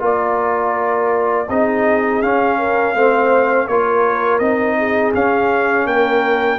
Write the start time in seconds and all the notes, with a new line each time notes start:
0.00 A#3 F4 A#4 D5
1.49 C4 D#4 G#4 D#5
2.22 C#4 F5
2.59 A#4
2.95 A3 C4 C5
3.68 A#3 F4 A#4 C#5
4.39 C4 D#4 D#5
4.78 G#4
5.14 C#4 F5
5.86 A#3 A#4 G5